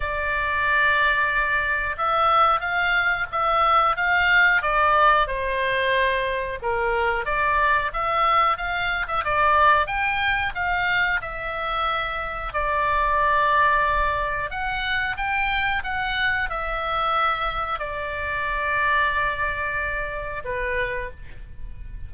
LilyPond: \new Staff \with { instrumentName = "oboe" } { \time 4/4 \tempo 4 = 91 d''2. e''4 | f''4 e''4 f''4 d''4 | c''2 ais'4 d''4 | e''4 f''8. e''16 d''4 g''4 |
f''4 e''2 d''4~ | d''2 fis''4 g''4 | fis''4 e''2 d''4~ | d''2. b'4 | }